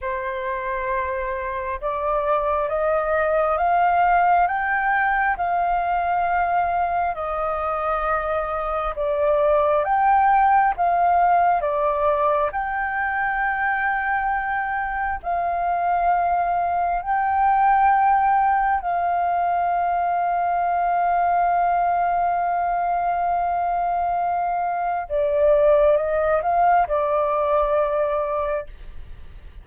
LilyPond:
\new Staff \with { instrumentName = "flute" } { \time 4/4 \tempo 4 = 67 c''2 d''4 dis''4 | f''4 g''4 f''2 | dis''2 d''4 g''4 | f''4 d''4 g''2~ |
g''4 f''2 g''4~ | g''4 f''2.~ | f''1 | d''4 dis''8 f''8 d''2 | }